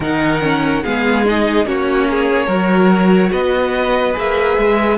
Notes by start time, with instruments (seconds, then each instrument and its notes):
0.00 cello D#3, viola D#4, violin A#4 F#5
0.42 viola C#4
0.82 cello G#3, viola B3, violin G#4 F5
1.25 viola D#4, violin D#5
1.65 cello A#3, viola C#4, violin F#4 C#5
2.10 violin G#4
2.46 cello F#3, viola F#4, violin A#4
3.32 cello B3, violin B4 D#5
4.13 cello A#3, viola G#4, violin E5
4.57 cello G#3